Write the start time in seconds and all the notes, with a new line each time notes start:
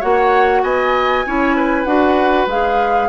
0.00 A#3 F#4 C#5 F#5
0.63 B3 D#5 G#5
1.26 C#4 E4 C#5
1.57 B4
1.85 D4 F#4 F#5
2.47 G#3 G#4 F5